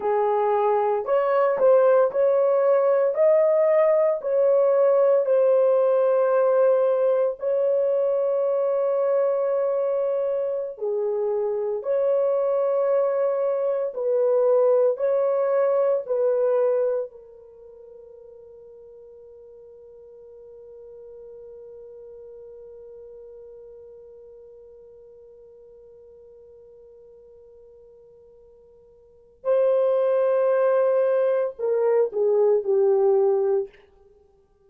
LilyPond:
\new Staff \with { instrumentName = "horn" } { \time 4/4 \tempo 4 = 57 gis'4 cis''8 c''8 cis''4 dis''4 | cis''4 c''2 cis''4~ | cis''2~ cis''16 gis'4 cis''8.~ | cis''4~ cis''16 b'4 cis''4 b'8.~ |
b'16 ais'2.~ ais'8.~ | ais'1~ | ais'1 | c''2 ais'8 gis'8 g'4 | }